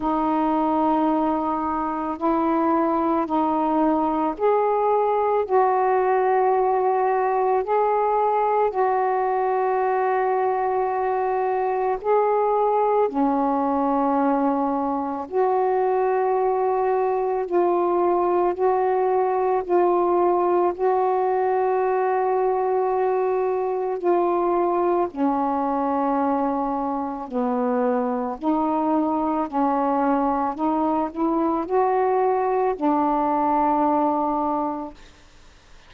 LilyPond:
\new Staff \with { instrumentName = "saxophone" } { \time 4/4 \tempo 4 = 55 dis'2 e'4 dis'4 | gis'4 fis'2 gis'4 | fis'2. gis'4 | cis'2 fis'2 |
f'4 fis'4 f'4 fis'4~ | fis'2 f'4 cis'4~ | cis'4 b4 dis'4 cis'4 | dis'8 e'8 fis'4 d'2 | }